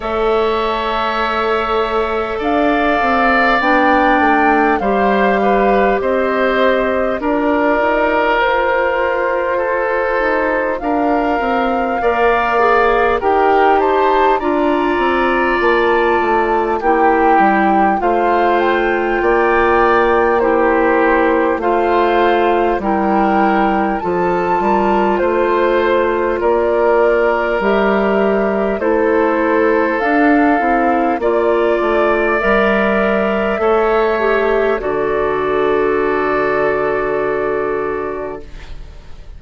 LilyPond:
<<
  \new Staff \with { instrumentName = "flute" } { \time 4/4 \tempo 4 = 50 e''2 f''4 g''4 | f''4 dis''4 d''4 c''4~ | c''4 f''2 g''8 a''8 | ais''4 a''4 g''4 f''8 g''8~ |
g''4 c''4 f''4 g''4 | a''4 c''4 d''4 e''4 | c''4 f''4 d''4 e''4~ | e''4 d''2. | }
  \new Staff \with { instrumentName = "oboe" } { \time 4/4 cis''2 d''2 | c''8 b'8 c''4 ais'2 | a'4 ais'4 d''4 ais'8 c''8 | d''2 g'4 c''4 |
d''4 g'4 c''4 ais'4 | a'8 ais'8 c''4 ais'2 | a'2 d''2 | cis''4 a'2. | }
  \new Staff \with { instrumentName = "clarinet" } { \time 4/4 a'2. d'4 | g'2 f'2~ | f'2 ais'8 gis'8 g'4 | f'2 e'4 f'4~ |
f'4 e'4 f'4 e'4 | f'2. g'4 | e'4 d'8 e'8 f'4 ais'4 | a'8 g'8 fis'2. | }
  \new Staff \with { instrumentName = "bassoon" } { \time 4/4 a2 d'8 c'8 b8 a8 | g4 c'4 d'8 dis'8 f'4~ | f'8 dis'8 d'8 c'8 ais4 dis'4 | d'8 c'8 ais8 a8 ais8 g8 a4 |
ais2 a4 g4 | f8 g8 a4 ais4 g4 | a4 d'8 c'8 ais8 a8 g4 | a4 d2. | }
>>